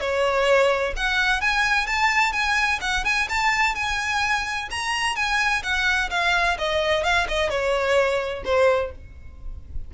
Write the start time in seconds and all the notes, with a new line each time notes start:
0.00 C#5
0.96 F#5
1.41 G#5
1.86 A5
2.32 G#5
2.81 F#5
3.05 G#5
3.29 A5
3.75 G#5
4.71 A#5
5.16 G#5
5.63 F#5
6.10 F5
6.58 D#5
7.04 F5
7.28 D#5
7.50 C#5
8.44 C5